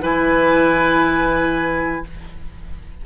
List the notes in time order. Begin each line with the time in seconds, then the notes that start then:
0.00 E3 E4 B4 G#5